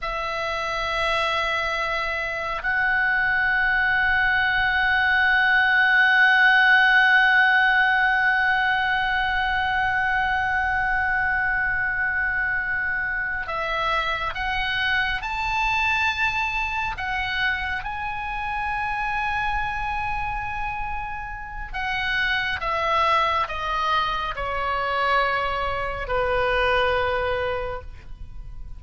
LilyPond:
\new Staff \with { instrumentName = "oboe" } { \time 4/4 \tempo 4 = 69 e''2. fis''4~ | fis''1~ | fis''1~ | fis''2.~ fis''8 e''8~ |
e''8 fis''4 a''2 fis''8~ | fis''8 gis''2.~ gis''8~ | gis''4 fis''4 e''4 dis''4 | cis''2 b'2 | }